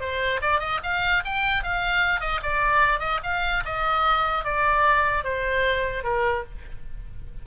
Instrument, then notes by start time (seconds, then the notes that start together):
oboe
0.00 C5
0.41 D5
0.60 D#5
0.83 F5
1.25 G5
1.63 F5
2.20 D#5
2.43 D5
3.00 D#5
3.23 F5
3.65 D#5
4.44 D5
5.24 C5
6.04 A#4